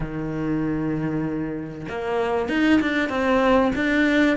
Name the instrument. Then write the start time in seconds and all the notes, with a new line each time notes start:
cello
0.00 D#3
1.88 A#3
2.49 D#4
2.80 D4
3.09 C4
3.75 D4